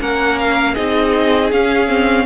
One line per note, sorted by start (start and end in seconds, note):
0.00 0.76 A#3
0.00 0.76 C#4
0.00 0.74 A#4
0.00 0.39 F#5
0.39 0.75 F5
0.74 1.52 C4
0.74 1.52 D#4
0.74 2.26 G#4
0.74 1.51 D#5
1.52 2.26 C#4
1.52 1.88 C#4
1.52 2.26 F5
1.88 2.26 C4